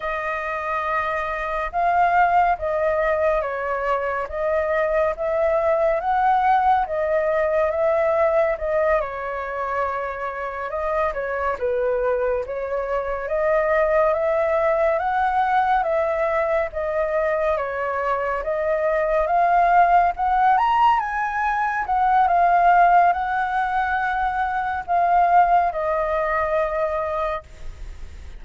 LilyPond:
\new Staff \with { instrumentName = "flute" } { \time 4/4 \tempo 4 = 70 dis''2 f''4 dis''4 | cis''4 dis''4 e''4 fis''4 | dis''4 e''4 dis''8 cis''4.~ | cis''8 dis''8 cis''8 b'4 cis''4 dis''8~ |
dis''8 e''4 fis''4 e''4 dis''8~ | dis''8 cis''4 dis''4 f''4 fis''8 | ais''8 gis''4 fis''8 f''4 fis''4~ | fis''4 f''4 dis''2 | }